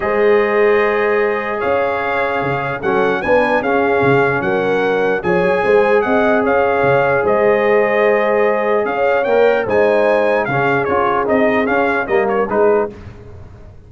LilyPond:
<<
  \new Staff \with { instrumentName = "trumpet" } { \time 4/4 \tempo 4 = 149 dis''1 | f''2. fis''4 | gis''4 f''2 fis''4~ | fis''4 gis''2 fis''4 |
f''2 dis''2~ | dis''2 f''4 g''4 | gis''2 f''4 cis''4 | dis''4 f''4 dis''8 cis''8 b'4 | }
  \new Staff \with { instrumentName = "horn" } { \time 4/4 c''1 | cis''2. a'4 | b'4 gis'2 ais'4~ | ais'4 cis''4 c''4 dis''4 |
cis''2 c''2~ | c''2 cis''2 | c''2 gis'2~ | gis'2 ais'4 gis'4 | }
  \new Staff \with { instrumentName = "trombone" } { \time 4/4 gis'1~ | gis'2. cis'4 | d'4 cis'2.~ | cis'4 gis'2.~ |
gis'1~ | gis'2. ais'4 | dis'2 cis'4 f'4 | dis'4 cis'4 ais4 dis'4 | }
  \new Staff \with { instrumentName = "tuba" } { \time 4/4 gis1 | cis'2 cis4 fis4 | b4 cis'4 cis4 fis4~ | fis4 f8 fis8 gis4 c'4 |
cis'4 cis4 gis2~ | gis2 cis'4 ais4 | gis2 cis4 cis'4 | c'4 cis'4 g4 gis4 | }
>>